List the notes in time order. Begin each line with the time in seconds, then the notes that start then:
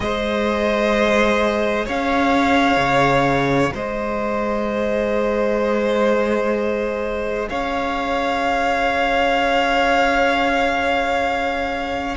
0.00 G#3 G#4 C5 D#5
1.85 C#4 C#5 F5
2.76 C#3
3.73 G#3 C5 D#5
7.48 C#4 C#5 F5